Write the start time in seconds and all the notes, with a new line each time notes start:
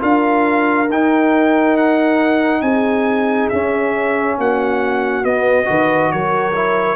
0.00 D4 F4 A#4 F5
0.89 D#4 G5
1.78 F#5
2.62 C4 G#4 G#5
3.50 C#4 E5
4.38 A#3 F#4 F#5
5.24 B3 D#5
5.66 D#3 F#4 B4
6.12 F#3 A#4 C#5
6.55 E4